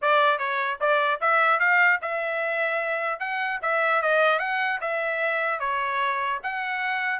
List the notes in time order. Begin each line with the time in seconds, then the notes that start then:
0.01 D5
0.38 C#5
0.80 D5
1.20 E5
1.59 F5
2.01 E5
3.19 F#5
3.61 E5
4.02 D#5
4.39 F#5
4.80 E5
5.59 C#5
6.43 F#5